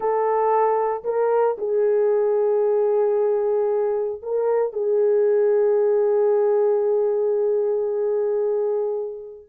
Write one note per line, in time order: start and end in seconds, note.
0.00 1.03 A4
1.04 1.56 A#4
1.57 4.21 G#4
4.22 4.72 A#4
4.72 9.46 G#4